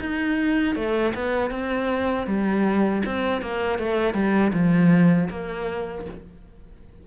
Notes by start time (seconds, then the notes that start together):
0.00 D#4
0.75 A3
1.14 B3
1.50 C4
2.26 G3
3.05 C4
3.41 A#3
3.78 A3
4.14 G3
4.53 F3
5.30 A#3